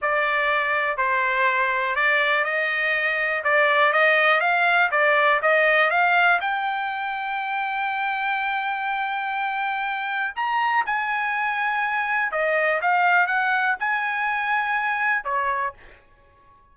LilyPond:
\new Staff \with { instrumentName = "trumpet" } { \time 4/4 \tempo 4 = 122 d''2 c''2 | d''4 dis''2 d''4 | dis''4 f''4 d''4 dis''4 | f''4 g''2.~ |
g''1~ | g''4 ais''4 gis''2~ | gis''4 dis''4 f''4 fis''4 | gis''2. cis''4 | }